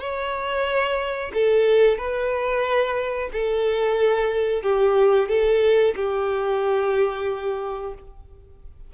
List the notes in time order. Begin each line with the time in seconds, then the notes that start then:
0.00 C#5
1.34 A4
1.98 B4
3.33 A4
4.63 G4
5.29 A4
5.96 G4